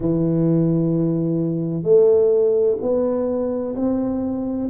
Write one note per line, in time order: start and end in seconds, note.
0.00 1.83 E3
1.83 2.77 A3
2.81 3.75 B3
3.75 4.69 C4